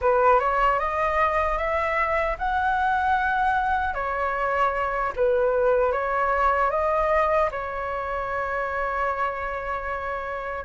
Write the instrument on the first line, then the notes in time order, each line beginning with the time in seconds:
flute
0.01 B4
0.39 C#5
0.79 D#5
1.58 E5
2.38 F#5
3.94 C#5
5.15 B4
5.92 C#5
6.70 D#5
7.51 C#5